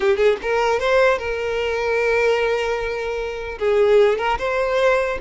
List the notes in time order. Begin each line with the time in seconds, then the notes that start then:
0.00 G4
0.17 G#4
0.42 A#4
0.79 C5
1.18 A#4
3.59 G#4
4.18 A#4
4.38 C5